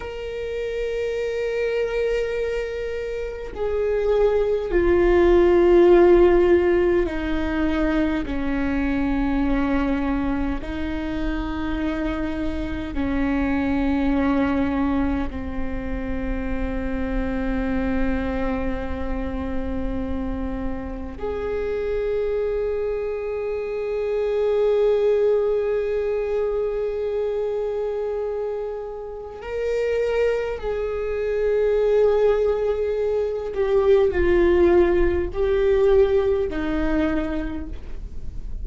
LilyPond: \new Staff \with { instrumentName = "viola" } { \time 4/4 \tempo 4 = 51 ais'2. gis'4 | f'2 dis'4 cis'4~ | cis'4 dis'2 cis'4~ | cis'4 c'2.~ |
c'2 gis'2~ | gis'1~ | gis'4 ais'4 gis'2~ | gis'8 g'8 f'4 g'4 dis'4 | }